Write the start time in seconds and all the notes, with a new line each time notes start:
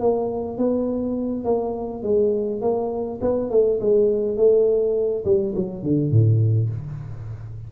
0.00 A#3
0.58 B3
1.45 A#3
2.03 G#3
2.61 A#3
3.21 B3
3.51 A3
3.81 G#3
4.37 A3
5.25 G3
5.56 F#3
5.83 D3
6.11 A2